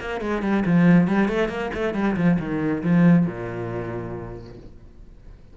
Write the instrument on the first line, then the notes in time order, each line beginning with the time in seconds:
cello
0.00 A#3
0.21 G#3
0.42 G3
0.65 F3
1.07 G3
1.28 A3
1.49 A#3
1.74 A3
1.94 G3
2.16 F3
2.39 D#3
2.83 F3
3.26 A#2